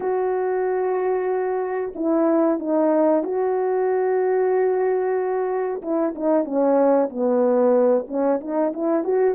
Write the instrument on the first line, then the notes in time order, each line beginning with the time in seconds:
horn
0.00 F#4
1.95 E4
2.59 D#4
3.23 F#4
5.82 E4
6.15 D#4
6.44 C#4
7.09 B3
8.07 C#4
8.40 D#4
8.73 E4
9.04 F#4